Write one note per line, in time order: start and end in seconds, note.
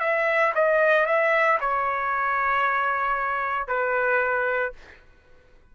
0.00 0.53 E5
0.55 1.06 D#5
1.06 1.58 E5
1.60 3.67 C#5
3.67 4.73 B4